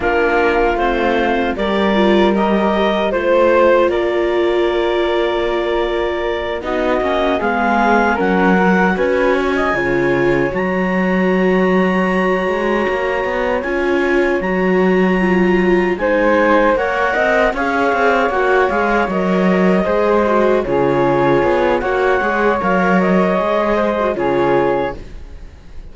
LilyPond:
<<
  \new Staff \with { instrumentName = "clarinet" } { \time 4/4 \tempo 4 = 77 ais'4 c''4 d''4 dis''4 | c''4 d''2.~ | d''8 dis''4 f''4 fis''4 gis''8~ | gis''4. ais''2~ ais''8~ |
ais''4. gis''4 ais''4.~ | ais''8 gis''4 fis''4 f''4 fis''8 | f''8 dis''2 cis''4. | fis''4 f''8 dis''4. cis''4 | }
  \new Staff \with { instrumentName = "flute" } { \time 4/4 f'2 ais'2 | c''4 ais'2.~ | ais'8 fis'4 gis'4 ais'4 b'8 | cis''16 dis''16 cis''2.~ cis''8~ |
cis''1~ | cis''8 c''4 cis''8 dis''8 cis''4.~ | cis''4. c''4 gis'4. | cis''2~ cis''8 c''8 gis'4 | }
  \new Staff \with { instrumentName = "viola" } { \time 4/4 d'4 c'4 g'8 f'8 g'4 | f'1~ | f'8 dis'8 cis'8 b4 cis'8 fis'4~ | fis'8 f'4 fis'2~ fis'8~ |
fis'4. f'4 fis'4 f'8~ | f'8 dis'4 ais'4 gis'4 fis'8 | gis'8 ais'4 gis'8 fis'8 f'4. | fis'8 gis'8 ais'4 gis'8. fis'16 f'4 | }
  \new Staff \with { instrumentName = "cello" } { \time 4/4 ais4 a4 g2 | a4 ais2.~ | ais8 b8 ais8 gis4 fis4 cis'8~ | cis'8 cis4 fis2~ fis8 |
gis8 ais8 b8 cis'4 fis4.~ | fis8 gis4 ais8 c'8 cis'8 c'8 ais8 | gis8 fis4 gis4 cis4 b8 | ais8 gis8 fis4 gis4 cis4 | }
>>